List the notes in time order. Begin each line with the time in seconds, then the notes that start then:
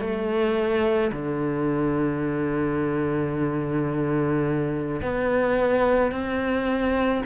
0.00 A3
1.12 D3
5.02 B3
6.12 C4